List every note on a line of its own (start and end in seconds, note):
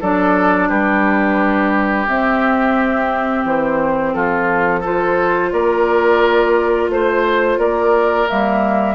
0.00 0.69 F#3
0.00 2.06 D4
0.00 0.69 A4
0.00 0.69 D5
0.69 2.07 G3
0.69 4.13 G4
0.69 2.07 B4
2.06 4.82 C4
2.06 3.45 C4
2.06 3.45 E5
3.45 4.14 E3
3.45 4.14 C5
4.14 5.52 F3
4.14 4.80 F4
4.14 4.83 A4
4.80 8.28 F4
4.80 5.49 A4
4.80 5.52 C5
5.52 6.88 A#3
5.52 6.91 A#4
5.52 6.90 D5
6.88 7.57 A3
6.88 7.59 C5
6.88 7.58 C5
7.57 8.26 A#3
7.57 8.95 A#4
7.57 8.28 D5
8.28 8.95 G3
8.28 8.95 A#3
8.28 8.95 E5